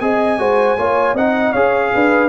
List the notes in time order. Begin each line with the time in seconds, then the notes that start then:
0.00 C4 G#4 D#5 G#5
0.38 G#3 F#4 C5
0.78 A#3 F4 C#5
1.13 C4 D#4 D#5 F#5
1.52 C#4 G#4 C#5 F5
1.93 D4 B4